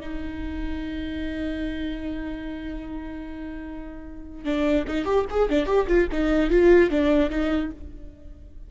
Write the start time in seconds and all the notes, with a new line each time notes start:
0.00 D#4
4.44 D4
4.87 D#4
5.05 G4
5.30 G#4
5.50 D4
5.66 G4
5.87 F4
6.12 D#4
6.50 F4
6.90 D4
7.30 D#4